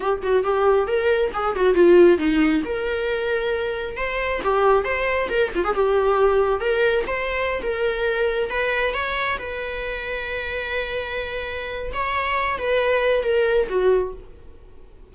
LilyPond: \new Staff \with { instrumentName = "viola" } { \time 4/4 \tempo 4 = 136 g'8 fis'8 g'4 ais'4 gis'8 fis'8 | f'4 dis'4 ais'2~ | ais'4 c''4 g'4 c''4 | ais'8 f'16 gis'16 g'2 ais'4 |
c''4~ c''16 ais'2 b'8.~ | b'16 cis''4 b'2~ b'8.~ | b'2. cis''4~ | cis''8 b'4. ais'4 fis'4 | }